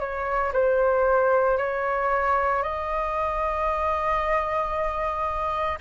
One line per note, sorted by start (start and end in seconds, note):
0.00 0.53 C#5
0.53 1.58 C5
1.58 2.63 C#5
2.63 5.79 D#5